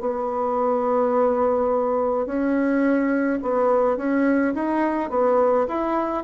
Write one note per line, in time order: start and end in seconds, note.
0.00 2.26 B3
2.26 3.39 C#4
3.42 3.97 B3
3.97 4.53 C#4
4.54 5.10 D#4
5.10 5.67 B3
5.68 6.24 E4